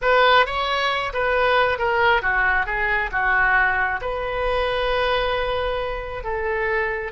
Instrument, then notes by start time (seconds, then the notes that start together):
oboe
0.01 B4
0.45 C#5
1.13 B4
1.78 A#4
2.22 F#4
2.65 G#4
3.11 F#4
4.01 B4
6.23 A4